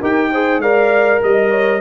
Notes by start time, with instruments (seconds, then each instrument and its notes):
0.00 tuba D#4, trombone G4, horn A#4, trumpet G5
0.32 trombone G#4, horn C5
0.58 tuba G#3, trombone A#4, horn D5, trumpet F5
1.23 tuba G3, horn D#5, trumpet D#5
1.51 horn C#5